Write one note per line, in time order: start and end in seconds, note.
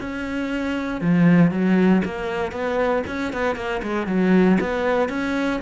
0.00 1.01 C#4
1.01 1.51 F3
1.51 2.02 F#3
2.04 2.52 A#3
2.52 3.03 B3
3.07 3.32 C#4
3.33 3.55 B3
3.55 3.81 A#3
3.82 4.07 G#3
4.07 4.58 F#3
4.60 5.09 B3
5.09 5.60 C#4